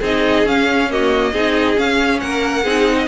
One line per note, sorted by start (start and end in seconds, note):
0.00 0.43 C4
0.00 0.46 D#4
0.00 0.88 G#4
0.00 0.47 D#5
0.43 1.31 C#4
0.43 0.90 C#4
0.43 0.91 F5
0.90 1.34 A#3
0.90 1.32 F#4
0.90 1.78 D#5
1.32 1.76 C4
1.32 1.75 D#4
1.32 2.20 G#4
1.75 2.63 C#4
1.75 2.21 C#4
1.75 2.20 F5
2.20 2.64 A#3
2.20 2.63 A#4
2.20 3.07 F#5
2.63 3.07 C4
2.63 3.07 D#4
2.63 2.96 G#4
2.97 3.07 D#5